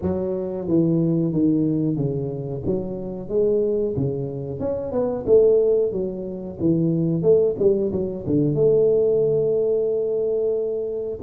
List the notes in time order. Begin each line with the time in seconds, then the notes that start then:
0.02 F#3
0.67 E3
1.32 D#3
1.96 C#3
2.66 F#3
3.28 G#3
3.96 C#3
4.59 C#4
4.92 B3
5.26 A3
5.92 F#3
6.60 E3
7.22 A3
7.58 G3
7.92 F#3
8.26 D3
8.54 A3